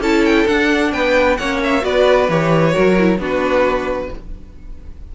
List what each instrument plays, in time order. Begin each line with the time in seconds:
0.00 cello C#4, viola E4, violin A4 A5
0.25 violin G5
0.47 viola D4, cello D4, violin F#5
0.93 cello B3, violin B4 G5
1.37 cello A#3, viola C#4, violin C#5 F#5
1.64 violin E5
1.81 cello B3, viola F#4, violin B4 D5
2.29 cello E3, viola G4, violin C#5
2.71 viola F#4, violin A#4
2.78 cello F#3
2.98 viola E4
3.18 cello B3, viola D4, violin F#4
3.24 violin B4